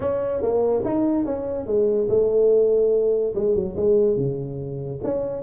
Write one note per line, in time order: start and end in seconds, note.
0.00 0.42 C#4
0.42 0.83 A#3
0.84 1.25 D#4
1.25 1.66 C#4
1.66 2.08 G#3
2.09 3.34 A3
3.35 3.55 G#3
3.55 3.75 F#3
3.76 4.17 G#3
4.17 5.00 C#3
5.03 5.42 C#4